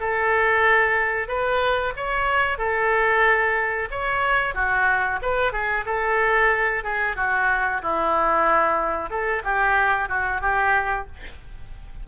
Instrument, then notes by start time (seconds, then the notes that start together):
oboe
0.00 A4
1.28 B4
1.96 C#5
2.58 A4
3.90 C#5
4.54 F#4
5.22 B4
5.52 G#4
5.85 A4
6.83 G#4
7.16 F#4
7.82 E4
9.10 A4
9.44 G4
10.09 F#4
10.41 G4